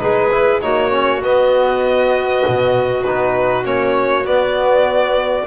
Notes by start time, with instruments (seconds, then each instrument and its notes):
0.00 double bass G#3, trombone D#4, clarinet G#4, violin B4
0.32 trombone E4
0.62 double bass A#3, trombone D#4, clarinet F#4, violin C#5
0.91 trombone C#4
1.23 trombone B3, double bass B3, violin D#5
2.47 double bass B2
3.04 double bass B3, trombone D#4, violin B4
3.64 double bass A#3, trombone C#4, violin C#5
4.25 trombone B3, double bass B3, violin D5